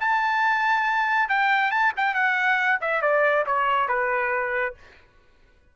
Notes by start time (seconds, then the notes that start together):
0.00 A5
1.29 G5
1.71 A5
1.96 G5
2.14 F#5
2.81 E5
3.02 D5
3.46 C#5
3.88 B4